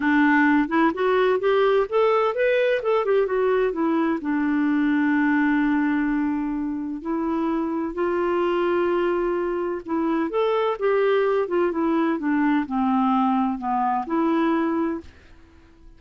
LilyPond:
\new Staff \with { instrumentName = "clarinet" } { \time 4/4 \tempo 4 = 128 d'4. e'8 fis'4 g'4 | a'4 b'4 a'8 g'8 fis'4 | e'4 d'2.~ | d'2. e'4~ |
e'4 f'2.~ | f'4 e'4 a'4 g'4~ | g'8 f'8 e'4 d'4 c'4~ | c'4 b4 e'2 | }